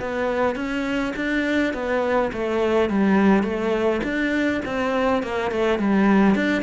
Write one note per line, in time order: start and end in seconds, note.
0.00 0.55 B3
0.55 1.13 C#4
1.16 1.73 D4
1.73 2.31 B3
2.33 2.89 A3
2.89 3.43 G3
3.43 4.01 A3
4.03 4.61 D4
4.65 5.23 C4
5.23 5.51 A#3
5.51 5.78 A3
5.78 6.35 G3
6.35 6.62 D4